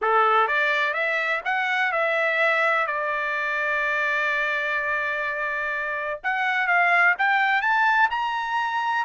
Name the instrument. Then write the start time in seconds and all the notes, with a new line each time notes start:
trumpet
0.01 A4
0.47 D5
0.93 E5
1.44 F#5
1.92 E5
2.86 D5
6.23 F#5
6.67 F5
7.18 G5
7.61 A5
8.10 A#5